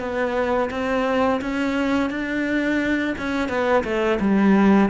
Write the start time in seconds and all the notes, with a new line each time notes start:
0.00 B3
0.71 C4
1.42 C#4
2.10 D4
3.18 C#4
3.49 B3
3.84 A3
4.20 G3